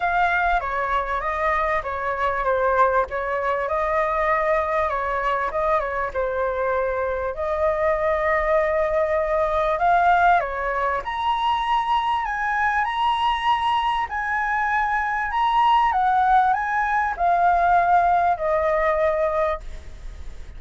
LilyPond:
\new Staff \with { instrumentName = "flute" } { \time 4/4 \tempo 4 = 98 f''4 cis''4 dis''4 cis''4 | c''4 cis''4 dis''2 | cis''4 dis''8 cis''8 c''2 | dis''1 |
f''4 cis''4 ais''2 | gis''4 ais''2 gis''4~ | gis''4 ais''4 fis''4 gis''4 | f''2 dis''2 | }